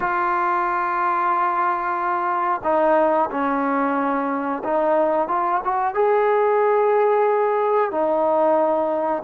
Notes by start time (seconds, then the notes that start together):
0.00 F4
2.63 D#4
3.30 C#4
4.63 D#4
5.28 F4
5.63 F#4
5.94 G#4
7.91 D#4